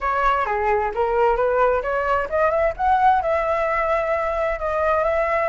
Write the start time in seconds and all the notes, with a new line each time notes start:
0.01 C#5
0.45 G#4
0.94 A#4
1.36 B4
1.82 C#5
2.29 D#5
2.50 E5
2.76 F#5
3.21 E5
4.59 D#5
5.04 E5